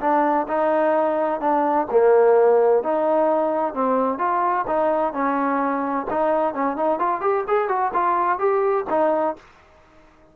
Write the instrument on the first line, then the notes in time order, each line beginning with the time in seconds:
trombone
0.00 D4
0.47 D#4
1.40 D4
1.91 A#3
2.83 D#4
3.74 C4
4.18 F4
4.67 D#4
5.13 C#4
6.10 D#4
6.54 C#4
6.76 D#4
6.99 F4
7.21 G4
7.47 G#4
7.68 F#4
7.93 F4
8.38 G4
8.89 D#4